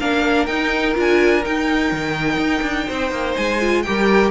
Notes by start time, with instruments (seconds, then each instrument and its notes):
0.00 cello A#3, viola D4, violin A#4 F5
0.46 cello D#4, viola D#4, violin G5
0.94 cello D4, viola F4
1.00 violin G#5
1.44 viola D#4, cello D#4, violin G5
1.92 cello D#3
2.37 cello D#4
2.62 cello D4
2.86 cello C4, violin C5
3.11 cello A#3
3.36 cello G#3, violin G#5
3.61 viola F4
3.82 viola G4, violin A#4 G5
3.89 cello G3